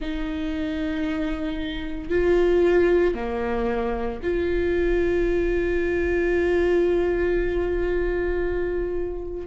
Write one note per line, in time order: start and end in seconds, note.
0.00 2.09 D#4
2.09 3.14 F4
3.14 4.19 A#3
4.22 9.46 F4